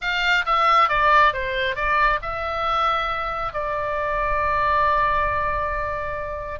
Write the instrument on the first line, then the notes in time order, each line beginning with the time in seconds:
oboe
0.01 F5
0.45 E5
0.88 D5
1.33 C5
1.75 D5
2.21 E5
3.53 D5